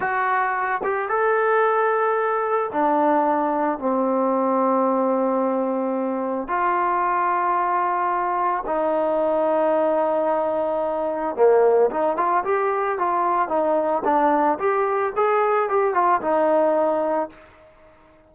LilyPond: \new Staff \with { instrumentName = "trombone" } { \time 4/4 \tempo 4 = 111 fis'4. g'8 a'2~ | a'4 d'2 c'4~ | c'1 | f'1 |
dis'1~ | dis'4 ais4 dis'8 f'8 g'4 | f'4 dis'4 d'4 g'4 | gis'4 g'8 f'8 dis'2 | }